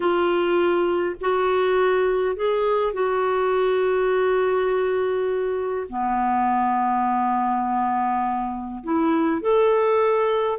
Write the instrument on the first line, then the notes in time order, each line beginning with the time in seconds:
clarinet
0.00 F4
1.20 F#4
2.36 G#4
2.93 F#4
5.89 B3
8.83 E4
9.41 A4